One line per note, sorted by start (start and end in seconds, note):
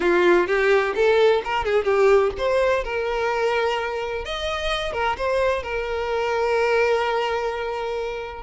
0.00 0.47 F4
0.47 0.94 G4
0.95 1.41 A4
1.44 1.64 A#4
1.64 1.84 G#4
1.84 2.31 G4
2.37 2.84 C5
2.84 4.24 A#4
4.24 4.92 D#5
4.92 5.16 A#4
5.17 5.62 C5
5.62 8.43 A#4